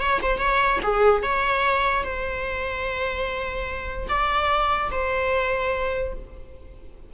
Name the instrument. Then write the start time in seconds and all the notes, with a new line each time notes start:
viola
0.00 C#5
0.22 C5
0.38 C#5
0.83 G#4
1.23 C#5
2.04 C5
4.09 D5
4.91 C5